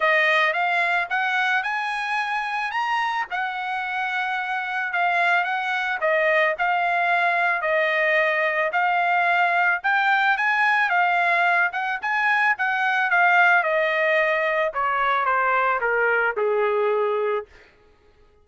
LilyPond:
\new Staff \with { instrumentName = "trumpet" } { \time 4/4 \tempo 4 = 110 dis''4 f''4 fis''4 gis''4~ | gis''4 ais''4 fis''2~ | fis''4 f''4 fis''4 dis''4 | f''2 dis''2 |
f''2 g''4 gis''4 | f''4. fis''8 gis''4 fis''4 | f''4 dis''2 cis''4 | c''4 ais'4 gis'2 | }